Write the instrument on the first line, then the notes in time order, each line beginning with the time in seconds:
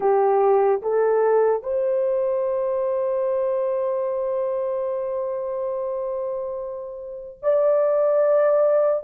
horn
0.00 G4
0.81 A4
1.62 C5
7.42 D5